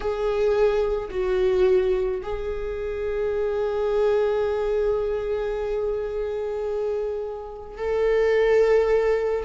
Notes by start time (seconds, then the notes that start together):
0.00 G#4
1.10 F#4
2.22 G#4
7.77 A4